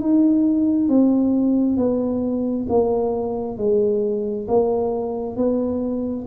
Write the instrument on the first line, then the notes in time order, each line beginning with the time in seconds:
tuba
0.00 D#4
0.89 C4
1.77 B3
2.69 A#3
3.57 G#3
4.48 A#3
5.36 B3